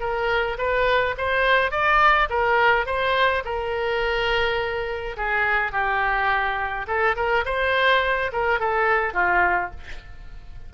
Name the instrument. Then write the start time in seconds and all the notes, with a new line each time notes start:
oboe
0.00 A#4
0.58 B4
1.17 C5
1.71 D5
2.30 A#4
2.86 C5
3.45 A#4
5.17 G#4
5.72 G4
6.87 A4
7.16 A#4
7.45 C5
8.32 A#4
8.60 A4
9.14 F4